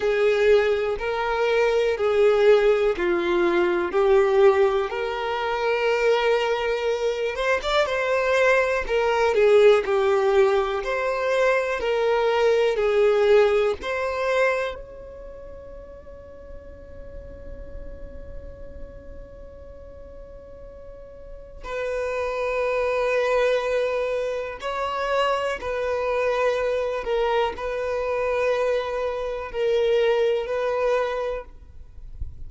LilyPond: \new Staff \with { instrumentName = "violin" } { \time 4/4 \tempo 4 = 61 gis'4 ais'4 gis'4 f'4 | g'4 ais'2~ ais'8 c''16 d''16 | c''4 ais'8 gis'8 g'4 c''4 | ais'4 gis'4 c''4 cis''4~ |
cis''1~ | cis''2 b'2~ | b'4 cis''4 b'4. ais'8 | b'2 ais'4 b'4 | }